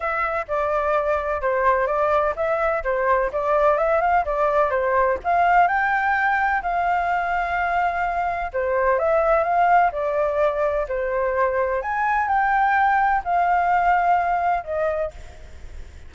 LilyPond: \new Staff \with { instrumentName = "flute" } { \time 4/4 \tempo 4 = 127 e''4 d''2 c''4 | d''4 e''4 c''4 d''4 | e''8 f''8 d''4 c''4 f''4 | g''2 f''2~ |
f''2 c''4 e''4 | f''4 d''2 c''4~ | c''4 gis''4 g''2 | f''2. dis''4 | }